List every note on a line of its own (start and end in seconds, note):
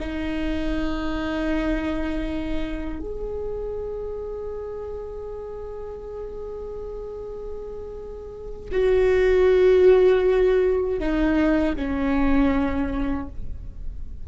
0.00 3.00 D#4
3.00 8.70 G#4
8.72 11.00 F#4
11.00 11.76 D#4
11.77 13.28 C#4